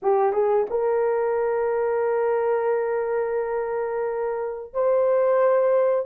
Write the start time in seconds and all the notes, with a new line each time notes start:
0.02 G4
0.32 G#4
0.70 A#4
4.73 C5